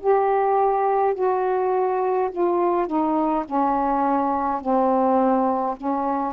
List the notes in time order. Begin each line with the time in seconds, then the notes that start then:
0.00 G4
1.14 F#4
2.31 F4
2.87 D#4
3.45 C#4
4.60 C4
5.76 C#4